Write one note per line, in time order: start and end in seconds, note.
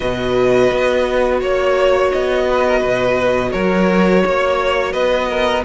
0.00 0.71 B2
0.00 5.64 F#4
0.00 1.39 B4
0.00 1.39 D#5
0.71 1.41 B3
1.39 2.12 A#3
1.39 2.45 C#5
1.39 2.11 C#5
2.11 2.83 B3
2.11 3.51 D#5
2.49 2.66 B4
2.67 2.79 A#4
2.79 3.53 B2
2.79 3.49 B4
3.51 4.23 F#3
3.51 4.22 A#4
3.51 4.92 C#5
4.24 4.93 A#3
4.24 4.93 C#5
4.92 5.64 B3
4.92 5.28 B4
4.92 5.63 D#5
5.29 5.64 A#4